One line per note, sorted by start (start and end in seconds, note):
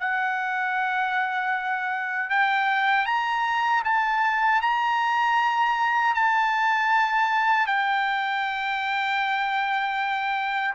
0.00 2.30 F#5
2.30 3.06 G5
3.06 3.83 A#5
3.84 4.61 A5
4.62 6.15 A#5
6.15 7.67 A5
7.67 10.74 G5